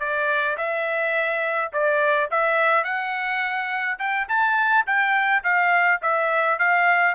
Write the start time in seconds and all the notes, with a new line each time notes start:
0.00 D5
0.58 E5
1.73 D5
2.31 E5
2.84 F#5
3.99 G5
4.29 A5
4.86 G5
5.44 F5
6.02 E5
6.59 F5